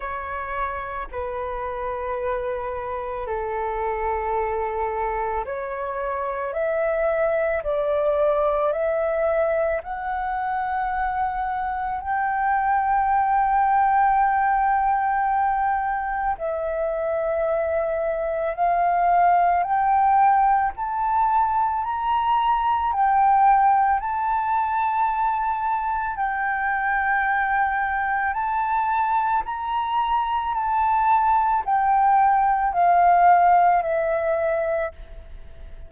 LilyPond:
\new Staff \with { instrumentName = "flute" } { \time 4/4 \tempo 4 = 55 cis''4 b'2 a'4~ | a'4 cis''4 e''4 d''4 | e''4 fis''2 g''4~ | g''2. e''4~ |
e''4 f''4 g''4 a''4 | ais''4 g''4 a''2 | g''2 a''4 ais''4 | a''4 g''4 f''4 e''4 | }